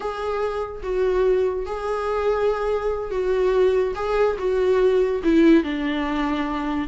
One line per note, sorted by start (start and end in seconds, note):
0.00 0.81 G#4
0.82 1.66 F#4
1.66 3.10 G#4
3.10 3.94 F#4
3.95 4.37 G#4
4.38 5.21 F#4
5.23 5.63 E4
5.63 6.88 D4